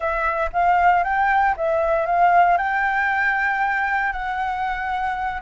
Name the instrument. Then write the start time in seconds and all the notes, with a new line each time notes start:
flute
0.00 E5
0.53 F5
1.03 G5
1.56 E5
2.05 F5
2.57 G5
4.12 F#5